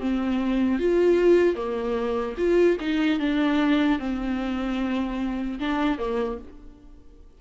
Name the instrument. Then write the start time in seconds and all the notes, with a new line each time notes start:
viola
0.00 C4
0.79 F4
1.56 A#3
2.38 F4
2.81 D#4
3.20 D4
3.99 C4
5.60 D4
5.98 A#3